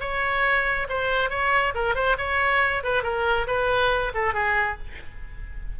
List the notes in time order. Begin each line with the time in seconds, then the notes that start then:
0.00 C#5
0.89 C5
1.29 C#5
1.74 A#4
1.94 C5
2.17 C#5
2.83 B4
3.03 A#4
3.47 B4
4.14 A4
4.33 G#4